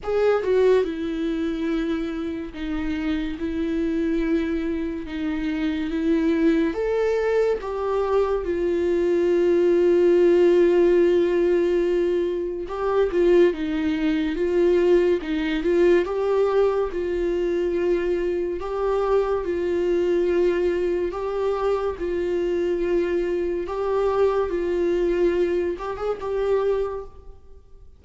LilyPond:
\new Staff \with { instrumentName = "viola" } { \time 4/4 \tempo 4 = 71 gis'8 fis'8 e'2 dis'4 | e'2 dis'4 e'4 | a'4 g'4 f'2~ | f'2. g'8 f'8 |
dis'4 f'4 dis'8 f'8 g'4 | f'2 g'4 f'4~ | f'4 g'4 f'2 | g'4 f'4. g'16 gis'16 g'4 | }